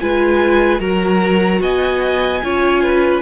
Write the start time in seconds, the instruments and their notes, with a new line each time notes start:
0.00 cello G#3, viola F4, violin B4 G#5
0.79 cello F#3, viola F#4, violin A#4 A#5
1.61 cello B3, violin D#5 G#5
2.44 cello C#4, viola F4, violin C#5
2.83 violin B4